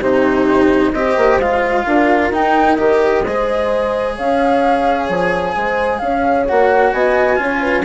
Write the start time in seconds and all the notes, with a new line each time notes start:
0.00 C3 D#4 G4 C5
0.93 C4 G4 C5 D#5
1.17 A#3
1.38 G#3 F4 F5
1.86 D4 A#4
2.31 D#4 G5
2.76 D#3 G4 D#5
3.24 G#3 G#4 C5
4.16 C#4 C#5 F5
5.09 F3 G#5
5.55 G#3 C5
5.98 C#4 C#5 F5
6.47 A#3 F#4 F#5
6.92 B3 D#5 G#5
7.36 C#4 F4 C#5
7.60 B4